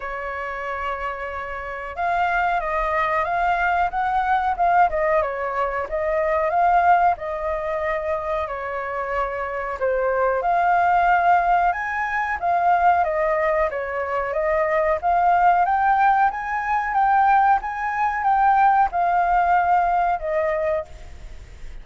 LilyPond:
\new Staff \with { instrumentName = "flute" } { \time 4/4 \tempo 4 = 92 cis''2. f''4 | dis''4 f''4 fis''4 f''8 dis''8 | cis''4 dis''4 f''4 dis''4~ | dis''4 cis''2 c''4 |
f''2 gis''4 f''4 | dis''4 cis''4 dis''4 f''4 | g''4 gis''4 g''4 gis''4 | g''4 f''2 dis''4 | }